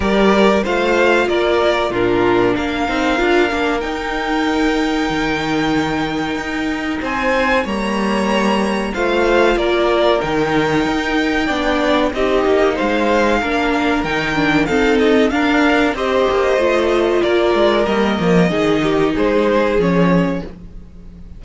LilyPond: <<
  \new Staff \with { instrumentName = "violin" } { \time 4/4 \tempo 4 = 94 d''4 f''4 d''4 ais'4 | f''2 g''2~ | g''2. gis''4 | ais''2 f''4 d''4 |
g''2. dis''4 | f''2 g''4 f''8 dis''8 | f''4 dis''2 d''4 | dis''2 c''4 cis''4 | }
  \new Staff \with { instrumentName = "violin" } { \time 4/4 ais'4 c''4 ais'4 f'4 | ais'1~ | ais'2. c''4 | cis''2 c''4 ais'4~ |
ais'2 d''4 g'4 | c''4 ais'2 a'4 | ais'4 c''2 ais'4~ | ais'4 gis'8 g'8 gis'2 | }
  \new Staff \with { instrumentName = "viola" } { \time 4/4 g'4 f'2 d'4~ | d'8 dis'8 f'8 d'8 dis'2~ | dis'1 | ais2 f'2 |
dis'2 d'4 dis'4~ | dis'4 d'4 dis'8 d'8 c'4 | d'4 g'4 f'2 | ais4 dis'2 cis'4 | }
  \new Staff \with { instrumentName = "cello" } { \time 4/4 g4 a4 ais4 ais,4 | ais8 c'8 d'8 ais8 dis'2 | dis2 dis'4 c'4 | g2 a4 ais4 |
dis4 dis'4 b4 c'8 ais8 | gis4 ais4 dis4 dis'4 | d'4 c'8 ais8 a4 ais8 gis8 | g8 f8 dis4 gis4 f4 | }
>>